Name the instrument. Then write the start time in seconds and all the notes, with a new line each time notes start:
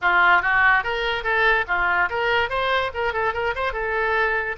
oboe
0.01 F4
0.42 F#4
0.83 A#4
1.23 A4
1.67 F4
2.09 A#4
2.49 C5
2.93 A#4
3.13 A4
3.33 A#4
3.55 C5
3.72 A4